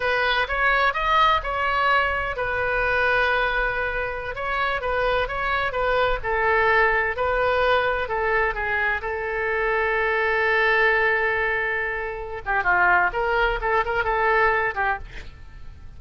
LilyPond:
\new Staff \with { instrumentName = "oboe" } { \time 4/4 \tempo 4 = 128 b'4 cis''4 dis''4 cis''4~ | cis''4 b'2.~ | b'4~ b'16 cis''4 b'4 cis''8.~ | cis''16 b'4 a'2 b'8.~ |
b'4~ b'16 a'4 gis'4 a'8.~ | a'1~ | a'2~ a'8 g'8 f'4 | ais'4 a'8 ais'8 a'4. g'8 | }